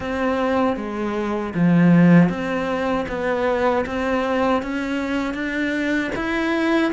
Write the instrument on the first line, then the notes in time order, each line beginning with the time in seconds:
cello
0.00 C4
0.76 G#3
1.54 F3
2.29 C4
3.08 B3
3.85 C4
4.62 C#4
5.34 D4
6.15 E4